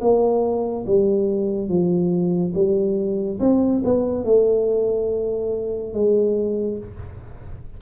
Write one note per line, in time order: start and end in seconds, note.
0.00 0.85 A#3
0.86 1.68 G3
1.68 2.53 F3
2.54 3.38 G3
3.39 3.81 C4
3.84 4.24 B3
4.24 5.93 A3
5.93 6.77 G#3